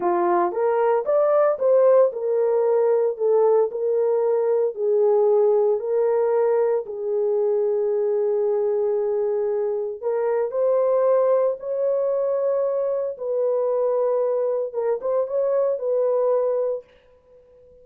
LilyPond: \new Staff \with { instrumentName = "horn" } { \time 4/4 \tempo 4 = 114 f'4 ais'4 d''4 c''4 | ais'2 a'4 ais'4~ | ais'4 gis'2 ais'4~ | ais'4 gis'2.~ |
gis'2. ais'4 | c''2 cis''2~ | cis''4 b'2. | ais'8 c''8 cis''4 b'2 | }